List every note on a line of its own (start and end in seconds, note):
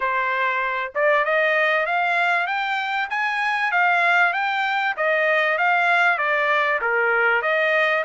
0.00 0.93 C5
0.94 1.24 D5
1.24 1.86 D#5
1.86 2.47 F5
2.47 3.08 G5
3.10 3.71 G#5
3.71 4.33 F5
4.33 4.95 G5
4.97 5.58 D#5
5.58 6.17 F5
6.17 6.79 D5
6.81 7.42 A#4
7.42 8.04 D#5